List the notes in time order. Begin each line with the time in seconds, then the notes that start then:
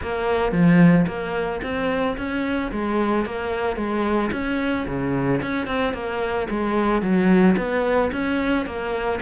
0.02 A#3
0.52 F3
1.07 A#3
1.62 C4
2.17 C#4
2.71 G#3
3.25 A#3
3.76 G#3
4.32 C#4
4.87 C#3
5.42 C#4
5.66 C4
5.93 A#3
6.50 G#3
7.02 F#3
7.57 B3
8.12 C#4
8.65 A#3